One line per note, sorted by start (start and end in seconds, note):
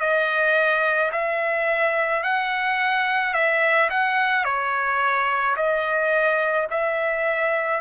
0.00 1.11 D#5
1.13 2.23 E5
2.23 3.34 F#5
3.34 3.89 E5
3.90 4.44 F#5
4.44 5.56 C#5
5.57 6.68 D#5
6.71 7.81 E5